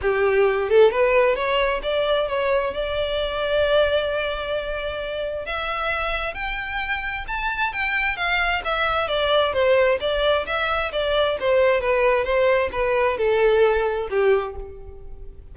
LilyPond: \new Staff \with { instrumentName = "violin" } { \time 4/4 \tempo 4 = 132 g'4. a'8 b'4 cis''4 | d''4 cis''4 d''2~ | d''1 | e''2 g''2 |
a''4 g''4 f''4 e''4 | d''4 c''4 d''4 e''4 | d''4 c''4 b'4 c''4 | b'4 a'2 g'4 | }